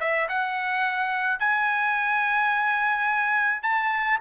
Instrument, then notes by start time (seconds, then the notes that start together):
trumpet
0.00 E5
0.29 F#5
1.39 G#5
3.63 A5